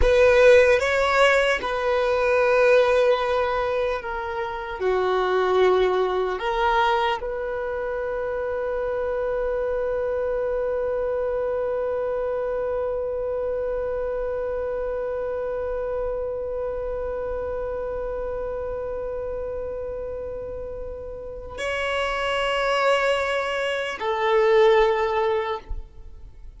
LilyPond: \new Staff \with { instrumentName = "violin" } { \time 4/4 \tempo 4 = 75 b'4 cis''4 b'2~ | b'4 ais'4 fis'2 | ais'4 b'2.~ | b'1~ |
b'1~ | b'1~ | b'2. cis''4~ | cis''2 a'2 | }